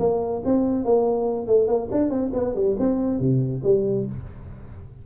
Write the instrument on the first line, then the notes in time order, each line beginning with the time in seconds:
tuba
0.00 A#3
0.45 C4
0.85 A#3
1.47 A3
1.68 A#3
1.91 D4
2.10 C4
2.33 B3
2.55 G3
2.79 C4
3.20 C3
3.64 G3